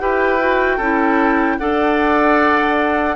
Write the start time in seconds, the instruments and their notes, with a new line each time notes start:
0.00 bassoon E4, clarinet G4, oboe B4, flute G5
0.39 clarinet F#4
0.77 bassoon C#4, clarinet E4, oboe A4
1.58 bassoon D4, clarinet A4, oboe D5, flute F#5